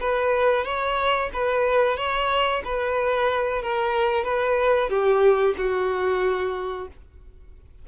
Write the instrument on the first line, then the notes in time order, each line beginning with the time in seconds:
violin
0.00 B4
0.65 C#5
1.33 B4
1.97 C#5
2.64 B4
3.62 A#4
4.24 B4
4.89 G4
5.57 F#4